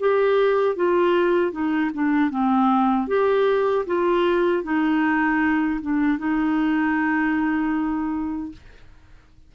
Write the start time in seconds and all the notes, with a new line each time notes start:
0.00 G4
0.76 F4
1.52 D#4
1.94 D4
2.30 C4
3.07 G4
3.86 F4
4.63 D#4
5.82 D4
6.18 D#4